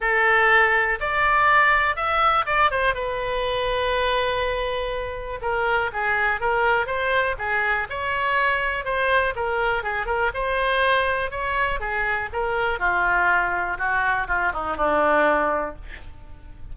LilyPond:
\new Staff \with { instrumentName = "oboe" } { \time 4/4 \tempo 4 = 122 a'2 d''2 | e''4 d''8 c''8 b'2~ | b'2. ais'4 | gis'4 ais'4 c''4 gis'4 |
cis''2 c''4 ais'4 | gis'8 ais'8 c''2 cis''4 | gis'4 ais'4 f'2 | fis'4 f'8 dis'8 d'2 | }